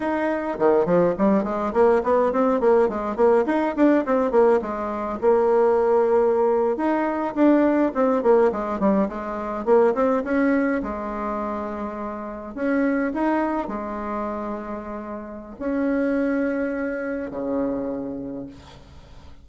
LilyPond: \new Staff \with { instrumentName = "bassoon" } { \time 4/4 \tempo 4 = 104 dis'4 dis8 f8 g8 gis8 ais8 b8 | c'8 ais8 gis8 ais8 dis'8 d'8 c'8 ais8 | gis4 ais2~ ais8. dis'16~ | dis'8. d'4 c'8 ais8 gis8 g8 gis16~ |
gis8. ais8 c'8 cis'4 gis4~ gis16~ | gis4.~ gis16 cis'4 dis'4 gis16~ | gis2. cis'4~ | cis'2 cis2 | }